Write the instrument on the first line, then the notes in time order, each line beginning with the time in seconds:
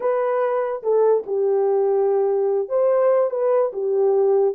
horn
0.00 B4
0.82 A4
1.26 G4
2.68 C5
3.30 B4
3.72 G4